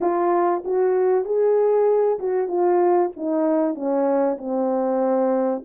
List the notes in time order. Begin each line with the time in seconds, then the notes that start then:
0.00 F4
0.64 F#4
1.24 G#4
2.19 F#4
2.48 F4
3.16 D#4
3.74 C#4
4.38 C4